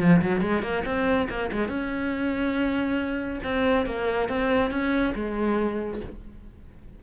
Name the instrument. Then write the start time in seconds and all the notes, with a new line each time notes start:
cello
0.00 F3
0.22 F#3
0.41 G#3
0.63 A#3
0.85 C4
1.29 A#3
1.52 G#3
1.69 C#4
3.44 C4
3.86 A#3
4.29 C4
4.71 C#4
5.15 G#3